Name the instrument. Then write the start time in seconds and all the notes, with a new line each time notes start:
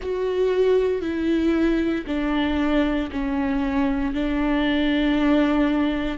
viola
0.01 F#4
1.01 E4
2.06 D4
3.11 C#4
4.14 D4